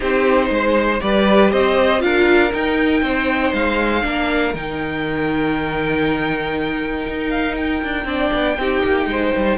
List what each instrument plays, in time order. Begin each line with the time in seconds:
0.00 cello C4, viola D#4, violin G4 C5
0.49 cello G#3, violin C5
1.00 cello G3, viola G4, violin B4 D5
1.52 cello C4, violin C5 D#5
1.99 cello D4, viola F4, violin A#4 F5
2.51 viola D#4, cello D#4, violin G5
3.02 cello C4, violin C5
3.53 cello G#3, violin F5
4.02 cello A#3, viola D4, violin A#4
4.54 cello D#3, viola D#4, violin G5
7.07 cello D#4
7.30 violin F5
7.56 violin G5
7.83 cello D4
8.04 cello C4, viola D4, violin D5
8.33 cello B3
8.57 cello C4, viola D#4, violin G4
8.84 cello A#3
9.06 cello G#3, violin C5
9.36 cello G3